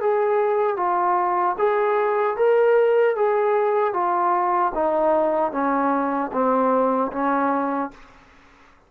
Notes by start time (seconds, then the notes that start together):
0.00 G#4
0.76 F4
1.58 G#4
2.36 A#4
3.15 G#4
3.93 F4
4.74 D#4
5.52 C#4
6.32 C4
7.12 C#4